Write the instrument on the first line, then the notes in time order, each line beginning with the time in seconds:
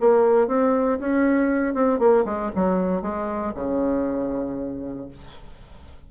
bassoon
0.00 A#3
0.47 C4
0.99 C#4
1.74 C4
1.99 A#3
2.25 G#3
2.55 F#3
3.02 G#3
3.54 C#3